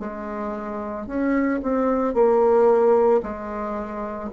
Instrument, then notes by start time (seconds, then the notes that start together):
bassoon
0.00 G#3
1.07 C#4
1.63 C4
2.14 A#3
3.23 G#3